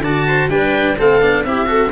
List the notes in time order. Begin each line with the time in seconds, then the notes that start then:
0.00 D3 F#4 D5 A5
0.27 C5
0.49 G3 D4 B4 G5
0.98 A3 C4 A4 F5
1.21 B3 D4
1.44 C4 E4 G4 E5
1.65 F#4 A4